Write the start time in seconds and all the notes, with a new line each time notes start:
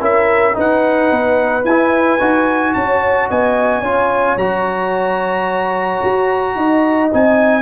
0.00 C#4 E4 A#4 E5
0.54 D#4 B4 F#5
1.11 B3
1.64 E4 G#5
2.19 D#4 F#4
2.74 C#4 C#5 A5
3.29 B3 D#5 G#5
3.81 C#4 F4 C#5
4.37 F#3 F#4 A#5
6.04 F#4
6.56 D#4 D#5
7.12 C4 D#4 G#5